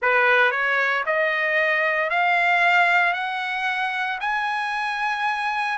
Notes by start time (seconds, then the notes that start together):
0.01 B4
0.51 C#5
1.06 D#5
2.10 F5
3.13 F#5
4.20 G#5